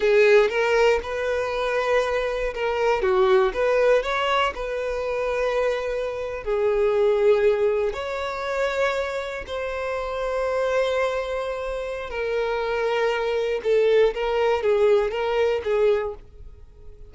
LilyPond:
\new Staff \with { instrumentName = "violin" } { \time 4/4 \tempo 4 = 119 gis'4 ais'4 b'2~ | b'4 ais'4 fis'4 b'4 | cis''4 b'2.~ | b'8. gis'2. cis''16~ |
cis''2~ cis''8. c''4~ c''16~ | c''1 | ais'2. a'4 | ais'4 gis'4 ais'4 gis'4 | }